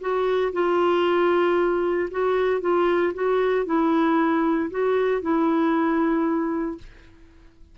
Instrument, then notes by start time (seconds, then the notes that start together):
clarinet
0.00 F#4
0.53 F4
2.11 F#4
2.61 F4
3.14 F#4
3.65 E4
4.70 F#4
5.21 E4